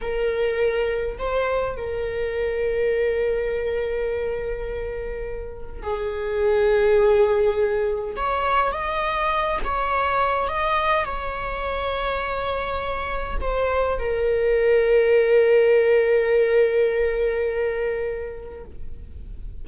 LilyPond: \new Staff \with { instrumentName = "viola" } { \time 4/4 \tempo 4 = 103 ais'2 c''4 ais'4~ | ais'1~ | ais'2 gis'2~ | gis'2 cis''4 dis''4~ |
dis''8 cis''4. dis''4 cis''4~ | cis''2. c''4 | ais'1~ | ais'1 | }